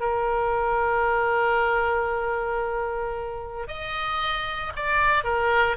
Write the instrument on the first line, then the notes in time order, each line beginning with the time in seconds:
oboe
0.00 A#4
3.68 D#5
4.76 D5
5.24 A#4